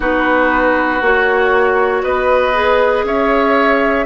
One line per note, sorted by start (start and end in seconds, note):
0.00 1.01 B3
0.00 1.01 D#4
0.00 2.02 F#4
0.00 1.03 B4
1.01 2.03 A#3
1.01 2.53 F#4
1.01 2.03 C#5
2.03 3.04 B3
2.03 3.05 B4
2.03 3.05 D#5
2.53 4.06 G#4
3.04 4.05 C#4
3.04 4.06 C#5
3.04 4.06 E5